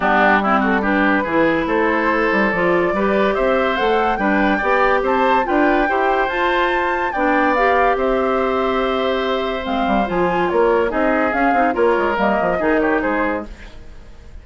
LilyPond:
<<
  \new Staff \with { instrumentName = "flute" } { \time 4/4 \tempo 4 = 143 g'4. a'8 b'2 | c''2 d''2 | e''4 fis''4 g''2 | a''4 g''2 a''4~ |
a''4 g''4 f''4 e''4~ | e''2. f''4 | gis''4 cis''4 dis''4 f''4 | cis''4 dis''4. cis''8 c''4 | }
  \new Staff \with { instrumentName = "oboe" } { \time 4/4 d'4 e'8 fis'8 g'4 gis'4 | a'2. b'4 | c''2 b'4 d''4 | c''4 b'4 c''2~ |
c''4 d''2 c''4~ | c''1~ | c''4 ais'4 gis'2 | ais'2 gis'8 g'8 gis'4 | }
  \new Staff \with { instrumentName = "clarinet" } { \time 4/4 b4 c'4 d'4 e'4~ | e'2 f'4 g'4~ | g'4 a'4 d'4 g'4~ | g'4 f'4 g'4 f'4~ |
f'4 d'4 g'2~ | g'2. c'4 | f'2 dis'4 cis'8 dis'8 | f'4 ais4 dis'2 | }
  \new Staff \with { instrumentName = "bassoon" } { \time 4/4 g2. e4 | a4. g8 f4 g4 | c'4 a4 g4 b4 | c'4 d'4 e'4 f'4~ |
f'4 b2 c'4~ | c'2. gis8 g8 | f4 ais4 c'4 cis'8 c'8 | ais8 gis8 g8 f8 dis4 gis4 | }
>>